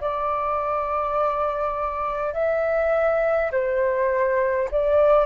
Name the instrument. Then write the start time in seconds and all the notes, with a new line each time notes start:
flute
0.00 D5
2.33 E5
3.51 C5
4.71 D5